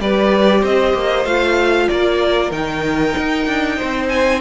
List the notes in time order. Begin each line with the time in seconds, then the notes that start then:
0.00 G3 G4 B4 D5
0.61 C4 C5 D#5
0.94 A#3
1.25 A3 F4 F5
1.88 A#3 A#4 D5
2.51 D#3 D#4 G5
3.17 D#4
3.47 D4
3.77 C4 C5
4.09 G#5